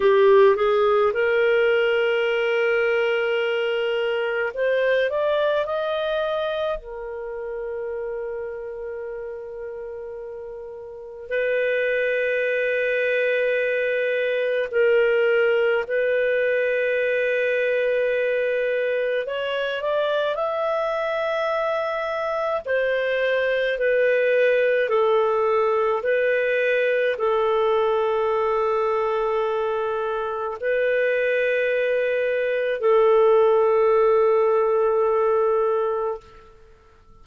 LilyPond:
\new Staff \with { instrumentName = "clarinet" } { \time 4/4 \tempo 4 = 53 g'8 gis'8 ais'2. | c''8 d''8 dis''4 ais'2~ | ais'2 b'2~ | b'4 ais'4 b'2~ |
b'4 cis''8 d''8 e''2 | c''4 b'4 a'4 b'4 | a'2. b'4~ | b'4 a'2. | }